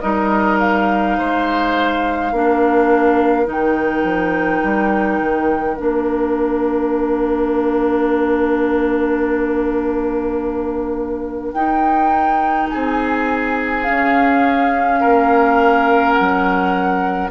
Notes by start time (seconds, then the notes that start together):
0.00 G3 D#4 A#4 D#5
0.59 F5
1.17 G#3 C5
2.31 A#3 D4 A#4
3.45 D#3 D#4 G5
4.03 F3
4.63 G3
5.19 D#3
5.76 A#3 D4 F5
11.52 D#4 G5
12.69 C4 G#4 G#5
13.83 C#4 F5
15.00 A#3 A#4
16.12 F#5
16.19 F#3